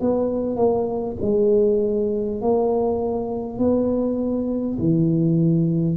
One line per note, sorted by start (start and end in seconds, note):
0.00 0.56 B3
0.56 1.16 A#3
1.22 2.42 G#3
2.42 3.58 A#3
3.58 4.78 B3
4.78 5.97 E3